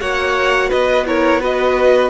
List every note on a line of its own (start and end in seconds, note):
0.00 0.71 A#3
0.00 1.06 F#4
0.00 0.69 C#5
0.00 0.71 F#5
0.69 2.10 B3
0.69 1.04 B4
0.69 1.06 D#5
1.06 1.40 E4
1.06 1.40 A#4
1.06 1.42 C#5
1.40 2.10 F#4
1.40 2.10 B4
1.40 2.10 D#5